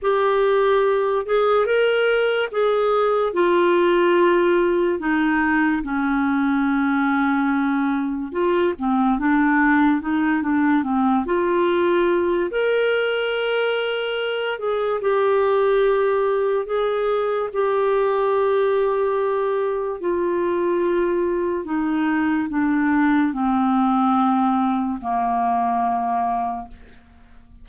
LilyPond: \new Staff \with { instrumentName = "clarinet" } { \time 4/4 \tempo 4 = 72 g'4. gis'8 ais'4 gis'4 | f'2 dis'4 cis'4~ | cis'2 f'8 c'8 d'4 | dis'8 d'8 c'8 f'4. ais'4~ |
ais'4. gis'8 g'2 | gis'4 g'2. | f'2 dis'4 d'4 | c'2 ais2 | }